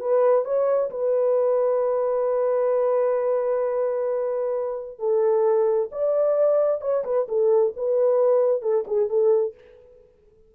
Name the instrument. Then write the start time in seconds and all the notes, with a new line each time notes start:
horn
0.00 B4
0.44 C#5
0.90 B4
4.99 A4
5.91 D5
6.81 C#5
7.04 B4
7.28 A4
7.76 B4
8.62 A4
8.87 G#4
9.09 A4